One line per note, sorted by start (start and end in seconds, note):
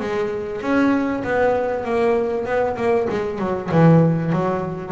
0.00 0.62 G#3
0.62 1.23 C#4
1.24 1.85 B3
1.85 2.46 A#3
2.46 2.77 B3
2.77 3.08 A#3
3.10 3.39 G#3
3.39 3.70 F#3
3.72 4.33 E3
4.33 4.93 F#3